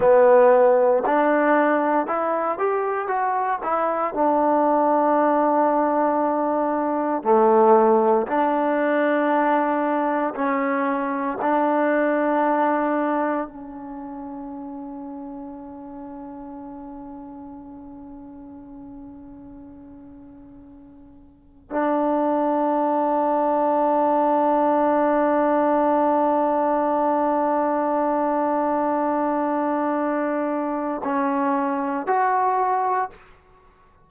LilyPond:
\new Staff \with { instrumentName = "trombone" } { \time 4/4 \tempo 4 = 58 b4 d'4 e'8 g'8 fis'8 e'8 | d'2. a4 | d'2 cis'4 d'4~ | d'4 cis'2.~ |
cis'1~ | cis'4 d'2.~ | d'1~ | d'2 cis'4 fis'4 | }